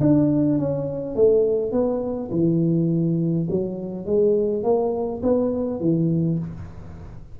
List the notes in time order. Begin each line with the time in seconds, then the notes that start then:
0.00 D4
0.59 C#4
1.15 A3
1.72 B3
2.31 E3
3.50 F#3
4.06 G#3
4.63 A#3
5.23 B3
5.80 E3